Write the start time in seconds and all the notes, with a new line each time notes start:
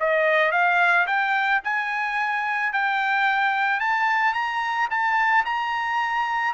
0.00 D#5
0.52 F5
1.07 G5
1.64 G#5
2.73 G5
3.80 A5
4.34 A#5
4.90 A5
5.45 A#5